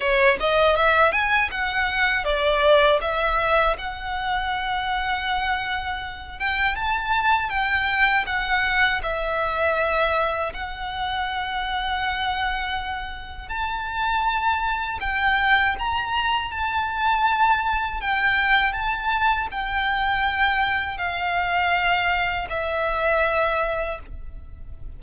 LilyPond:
\new Staff \with { instrumentName = "violin" } { \time 4/4 \tempo 4 = 80 cis''8 dis''8 e''8 gis''8 fis''4 d''4 | e''4 fis''2.~ | fis''8 g''8 a''4 g''4 fis''4 | e''2 fis''2~ |
fis''2 a''2 | g''4 ais''4 a''2 | g''4 a''4 g''2 | f''2 e''2 | }